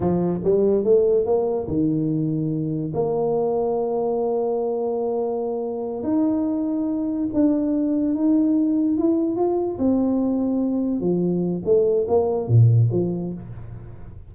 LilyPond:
\new Staff \with { instrumentName = "tuba" } { \time 4/4 \tempo 4 = 144 f4 g4 a4 ais4 | dis2. ais4~ | ais1~ | ais2~ ais8 dis'4.~ |
dis'4. d'2 dis'8~ | dis'4. e'4 f'4 c'8~ | c'2~ c'8 f4. | a4 ais4 ais,4 f4 | }